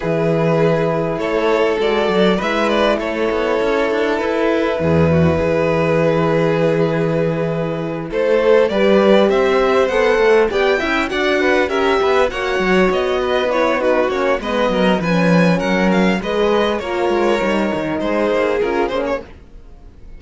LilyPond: <<
  \new Staff \with { instrumentName = "violin" } { \time 4/4 \tempo 4 = 100 b'2 cis''4 d''4 | e''8 d''8 cis''2 b'4~ | b'1~ | b'4. c''4 d''4 e''8~ |
e''8 fis''4 g''4 fis''4 e''8~ | e''8 fis''4 dis''4 cis''8 b'8 cis''8 | dis''4 gis''4 fis''8 f''8 dis''4 | cis''2 c''4 ais'8 c''16 cis''16 | }
  \new Staff \with { instrumentName = "violin" } { \time 4/4 gis'2 a'2 | b'4 a'2. | gis'8 fis'8 gis'2.~ | gis'4. a'4 b'4 c''8~ |
c''4. d''8 e''8 d''8 b'8 ais'8 | b'8 cis''4. b'4 fis'4 | b'8 ais'8 b'4 ais'4 b'4 | ais'2 gis'2 | }
  \new Staff \with { instrumentName = "horn" } { \time 4/4 e'2. fis'4 | e'1~ | e'1~ | e'2~ e'8 g'4.~ |
g'8 a'4 g'8 e'8 fis'4 g'8~ | g'8 fis'2 e'8 dis'8 cis'8 | b4 cis'2 gis'4 | f'4 dis'2 f'8 cis'8 | }
  \new Staff \with { instrumentName = "cello" } { \time 4/4 e2 a4 gis8 fis8 | gis4 a8 b8 cis'8 d'8 e'4 | e,4 e2.~ | e4. a4 g4 c'8~ |
c'8 b8 a8 b8 cis'8 d'4 cis'8 | b8 ais8 fis8 b2 ais8 | gis8 fis8 f4 fis4 gis4 | ais8 gis8 g8 dis8 gis8 ais8 cis'8 ais8 | }
>>